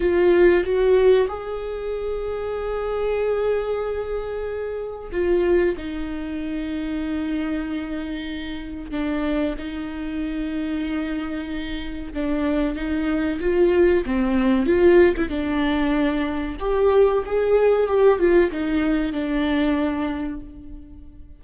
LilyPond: \new Staff \with { instrumentName = "viola" } { \time 4/4 \tempo 4 = 94 f'4 fis'4 gis'2~ | gis'1 | f'4 dis'2.~ | dis'2 d'4 dis'4~ |
dis'2. d'4 | dis'4 f'4 c'4 f'8. e'16 | d'2 g'4 gis'4 | g'8 f'8 dis'4 d'2 | }